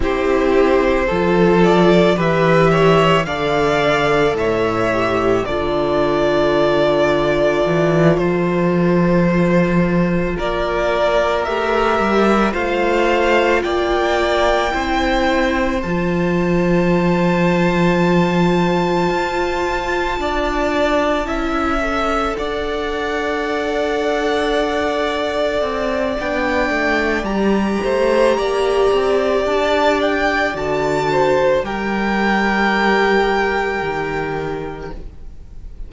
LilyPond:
<<
  \new Staff \with { instrumentName = "violin" } { \time 4/4 \tempo 4 = 55 c''4. d''8 e''4 f''4 | e''4 d''2~ d''8 c''8~ | c''4. d''4 e''4 f''8~ | f''8 g''2 a''4.~ |
a''1~ | a''8 fis''2.~ fis''8 | g''4 ais''2 a''8 g''8 | a''4 g''2. | }
  \new Staff \with { instrumentName = "violin" } { \time 4/4 g'4 a'4 b'8 cis''8 d''4 | cis''4 a'2.~ | a'4. ais'2 c''8~ | c''8 d''4 c''2~ c''8~ |
c''2~ c''8 d''4 e''8~ | e''8 d''2.~ d''8~ | d''4. c''8 d''2~ | d''8 c''8 ais'2. | }
  \new Staff \with { instrumentName = "viola" } { \time 4/4 e'4 f'4 g'4 a'4~ | a'8 g'8 f'2.~ | f'2~ f'8 g'4 f'8~ | f'4. e'4 f'4.~ |
f'2.~ f'8 e'8 | a'1 | d'4 g'2. | fis'4 g'2. | }
  \new Staff \with { instrumentName = "cello" } { \time 4/4 c'4 f4 e4 d4 | a,4 d2 e8 f8~ | f4. ais4 a8 g8 a8~ | a8 ais4 c'4 f4.~ |
f4. f'4 d'4 cis'8~ | cis'8 d'2. c'8 | b8 a8 g8 a8 ais8 c'8 d'4 | d4 g2 dis4 | }
>>